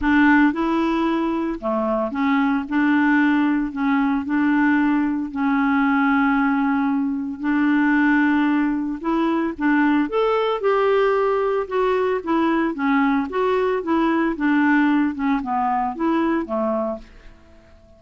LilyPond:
\new Staff \with { instrumentName = "clarinet" } { \time 4/4 \tempo 4 = 113 d'4 e'2 a4 | cis'4 d'2 cis'4 | d'2 cis'2~ | cis'2 d'2~ |
d'4 e'4 d'4 a'4 | g'2 fis'4 e'4 | cis'4 fis'4 e'4 d'4~ | d'8 cis'8 b4 e'4 a4 | }